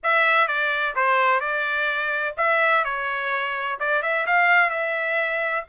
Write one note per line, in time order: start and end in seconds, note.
0.03 0.47 E5
0.47 0.94 D5
0.95 1.40 C5
1.40 2.35 D5
2.37 2.84 E5
2.84 3.78 C#5
3.79 4.02 D5
4.02 4.25 E5
4.26 4.70 F5
4.70 5.64 E5